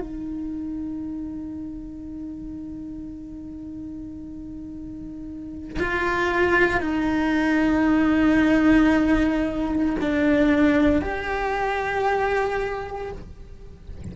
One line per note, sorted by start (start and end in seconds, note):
0.00 5.79 D#4
5.80 6.81 F4
6.81 9.97 D#4
10.01 11.02 D4
11.02 13.12 G4